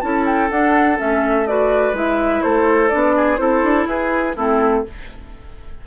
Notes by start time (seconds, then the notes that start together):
0.00 C#4 E4 A4 A5
0.25 G5
0.50 D4 F#5
0.96 A3 C#4 E5
1.46 F#4 B4 D5
1.93 G#3 E4 E5
2.42 A3 A4 C5
2.89 B3 D4 D5
3.16 G#4
3.36 C4 E4 A4 C5
3.63 D4
3.86 E4 G#4 B4
4.36 A3 C4 E4 A4